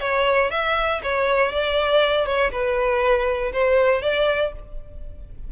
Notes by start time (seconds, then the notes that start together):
0.00 C#5
0.50 E5
1.03 C#5
1.51 D5
2.26 C#5
2.51 B4
3.52 C5
4.02 D5